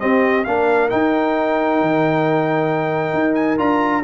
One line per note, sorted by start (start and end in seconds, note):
0.00 0.45 C4
0.00 0.47 C4
0.00 0.47 G4
0.00 0.45 D#5
0.45 0.92 A#3
0.45 0.90 D4
0.45 4.04 A#4
0.45 0.90 F5
0.90 3.58 D#4
0.90 1.81 D#4
0.90 3.35 G5
1.81 3.14 D#3
3.14 3.59 D#4
3.35 3.57 G#5
3.58 4.04 D4
3.58 4.03 F4
3.58 4.04 A#5